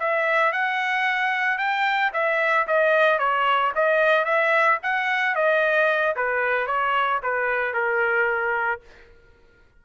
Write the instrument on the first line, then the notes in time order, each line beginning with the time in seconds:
trumpet
0.00 E5
0.53 F#5
1.59 G5
2.14 E5
2.68 D#5
3.19 C#5
3.76 D#5
4.25 E5
4.83 F#5
5.35 D#5
6.16 B4
6.67 C#5
7.23 B4
7.74 A#4